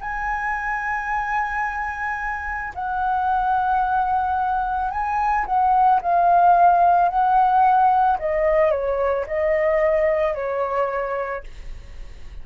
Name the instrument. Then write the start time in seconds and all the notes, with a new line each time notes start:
flute
0.00 G#5
2.75 F#5
4.90 G#5
5.45 F#5
6.01 F5
7.09 F#5
8.19 D#5
8.70 C#5
9.26 D#5
10.34 C#5